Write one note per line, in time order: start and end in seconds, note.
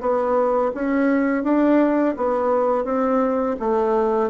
0.00 0.71 B3
0.74 1.43 C#4
1.43 2.15 D4
2.17 2.84 B3
2.84 3.56 C4
3.59 4.30 A3